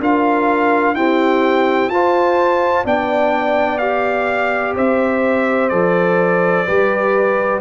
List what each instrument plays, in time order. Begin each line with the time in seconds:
0.00 tuba D4, trombone F4, horn A#4, trumpet F5
0.95 trombone C4, tuba E4, horn G4, trumpet G5
1.89 tuba F4, trombone F4, horn C5, trumpet A5
2.85 tuba B3, trombone D4, horn D5, trumpet G5
3.78 trombone G4, trumpet F5
4.76 tuba C4, horn C5, trumpet E5
5.69 tuba F3, trombone A4, trumpet D5
6.66 tuba G3, trombone G4, horn B4